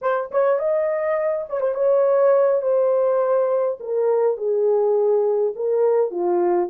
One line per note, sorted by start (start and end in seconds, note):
0.01 0.30 C5
0.31 0.59 C#5
0.59 1.46 D#5
1.49 1.60 C#5
1.60 1.74 C5
1.74 2.62 C#5
2.62 3.78 C5
3.80 4.37 A#4
4.37 5.53 G#4
5.55 6.10 A#4
6.10 6.69 F4